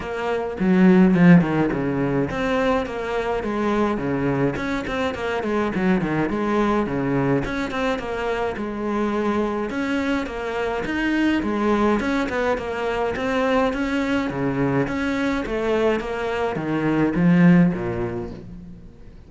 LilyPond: \new Staff \with { instrumentName = "cello" } { \time 4/4 \tempo 4 = 105 ais4 fis4 f8 dis8 cis4 | c'4 ais4 gis4 cis4 | cis'8 c'8 ais8 gis8 fis8 dis8 gis4 | cis4 cis'8 c'8 ais4 gis4~ |
gis4 cis'4 ais4 dis'4 | gis4 cis'8 b8 ais4 c'4 | cis'4 cis4 cis'4 a4 | ais4 dis4 f4 ais,4 | }